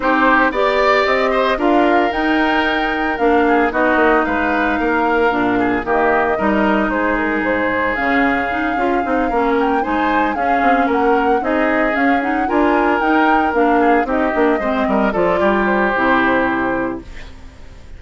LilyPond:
<<
  \new Staff \with { instrumentName = "flute" } { \time 4/4 \tempo 4 = 113 c''4 d''4 dis''4 f''4 | g''2 f''4 dis''4 | f''2. dis''4~ | dis''4 c''8 ais'8 c''4 f''4~ |
f''2 g''8 gis''4 f''8~ | f''8 fis''4 dis''4 f''8 fis''8 gis''8~ | gis''8 g''4 f''4 dis''4.~ | dis''8 d''4 c''2~ c''8 | }
  \new Staff \with { instrumentName = "oboe" } { \time 4/4 g'4 d''4. c''8 ais'4~ | ais'2~ ais'8 gis'8 fis'4 | b'4 ais'4. gis'8 g'4 | ais'4 gis'2.~ |
gis'4. ais'4 c''4 gis'8~ | gis'8 ais'4 gis'2 ais'8~ | ais'2 gis'8 g'4 c''8 | ais'8 a'8 g'2. | }
  \new Staff \with { instrumentName = "clarinet" } { \time 4/4 dis'4 g'2 f'4 | dis'2 d'4 dis'4~ | dis'2 d'4 ais4 | dis'2. cis'4 |
dis'8 f'8 dis'8 cis'4 dis'4 cis'8~ | cis'4. dis'4 cis'8 dis'8 f'8~ | f'8 dis'4 d'4 dis'8 d'8 c'8~ | c'8 f'4. e'2 | }
  \new Staff \with { instrumentName = "bassoon" } { \time 4/4 c'4 b4 c'4 d'4 | dis'2 ais4 b8 ais8 | gis4 ais4 ais,4 dis4 | g4 gis4 gis,4 cis4~ |
cis8 cis'8 c'8 ais4 gis4 cis'8 | c'8 ais4 c'4 cis'4 d'8~ | d'8 dis'4 ais4 c'8 ais8 gis8 | g8 f8 g4 c2 | }
>>